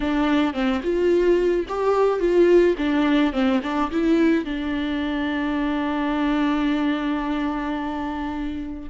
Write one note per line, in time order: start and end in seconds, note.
0.00 0.53 D4
0.53 0.81 C4
0.83 1.66 F4
1.68 2.19 G4
2.19 2.75 F4
2.77 3.32 D4
3.32 3.60 C4
3.62 3.90 D4
3.91 4.44 E4
4.44 8.89 D4